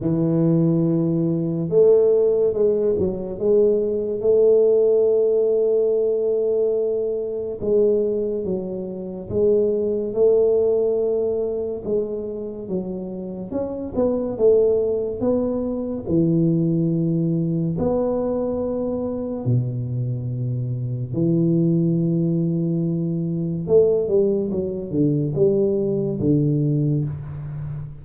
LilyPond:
\new Staff \with { instrumentName = "tuba" } { \time 4/4 \tempo 4 = 71 e2 a4 gis8 fis8 | gis4 a2.~ | a4 gis4 fis4 gis4 | a2 gis4 fis4 |
cis'8 b8 a4 b4 e4~ | e4 b2 b,4~ | b,4 e2. | a8 g8 fis8 d8 g4 d4 | }